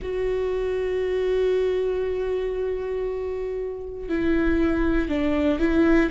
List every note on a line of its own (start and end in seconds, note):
0.02 4.08 F#4
4.08 5.08 E4
5.08 5.59 D4
5.59 6.10 E4